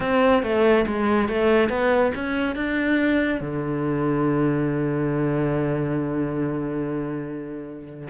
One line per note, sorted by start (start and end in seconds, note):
0.00 0.42 C4
0.43 0.85 A3
0.86 1.28 G#3
1.28 1.69 A3
1.69 2.12 B3
2.14 2.55 C#4
2.55 3.40 D4
3.40 8.08 D3